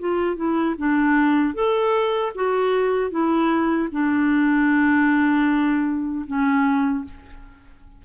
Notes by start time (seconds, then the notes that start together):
0.00 F4
0.36 E4
0.78 D4
1.55 A4
2.36 F#4
3.11 E4
3.92 D4
6.27 C#4